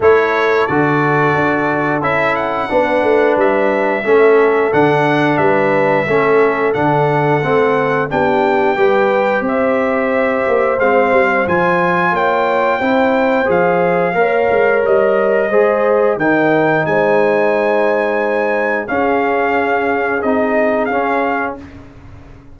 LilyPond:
<<
  \new Staff \with { instrumentName = "trumpet" } { \time 4/4 \tempo 4 = 89 cis''4 d''2 e''8 fis''8~ | fis''4 e''2 fis''4 | e''2 fis''2 | g''2 e''2 |
f''4 gis''4 g''2 | f''2 dis''2 | g''4 gis''2. | f''2 dis''4 f''4 | }
  \new Staff \with { instrumentName = "horn" } { \time 4/4 a'1 | b'2 a'2 | b'4 a'2. | g'4 b'4 c''2~ |
c''2 cis''4 c''4~ | c''4 cis''2 c''4 | ais'4 c''2. | gis'1 | }
  \new Staff \with { instrumentName = "trombone" } { \time 4/4 e'4 fis'2 e'4 | d'2 cis'4 d'4~ | d'4 cis'4 d'4 c'4 | d'4 g'2. |
c'4 f'2 e'4 | gis'4 ais'2 gis'4 | dis'1 | cis'2 dis'4 cis'4 | }
  \new Staff \with { instrumentName = "tuba" } { \time 4/4 a4 d4 d'4 cis'4 | b8 a8 g4 a4 d4 | g4 a4 d4 a4 | b4 g4 c'4. ais8 |
gis8 g8 f4 ais4 c'4 | f4 ais8 gis8 g4 gis4 | dis4 gis2. | cis'2 c'4 cis'4 | }
>>